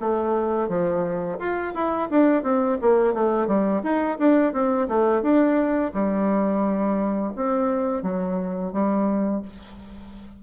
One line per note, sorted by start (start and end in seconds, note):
0.00 0.68 A3
0.68 1.38 F3
1.39 1.73 F4
1.74 2.09 E4
2.10 2.43 D4
2.43 2.77 C4
2.81 3.14 A#3
3.14 3.47 A3
3.47 3.82 G3
3.82 4.17 D#4
4.18 4.53 D4
4.53 4.87 C4
4.88 5.22 A3
5.22 5.91 D4
5.93 7.33 G3
7.35 8.02 C4
8.02 8.72 F#3
8.72 9.42 G3